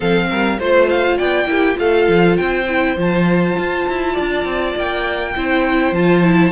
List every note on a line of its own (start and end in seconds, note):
0.00 0.30 F3
0.00 0.58 C4
0.00 0.26 A4
0.00 0.59 F5
0.29 0.59 G3
0.29 0.59 A#4
0.59 1.18 A3
0.59 1.47 F4
0.59 0.89 C5
0.59 1.17 C5
0.89 1.17 F5
1.17 1.45 B3
1.17 1.47 D5
1.17 1.77 G5
1.45 1.75 A#3
1.45 1.74 E4
1.45 1.79 G4
1.74 2.08 A3
1.74 2.63 F4
1.74 2.39 A4
1.74 2.37 F5
2.08 2.37 F3
2.37 2.97 C4
2.37 4.12 C5
2.37 2.96 G5
2.69 2.97 E4
2.97 3.56 F3
2.97 5.34 F4
2.97 4.78 A5
3.57 3.87 F4
3.88 4.18 E4
4.12 5.31 D5
4.19 4.44 D4
4.44 4.74 C4
4.76 5.35 A#3
4.76 5.94 G5
5.35 5.92 C4
5.35 5.94 E4
5.35 6.51 C5
5.92 6.51 F3
5.92 6.23 F4
5.92 6.51 A5
6.23 6.51 E4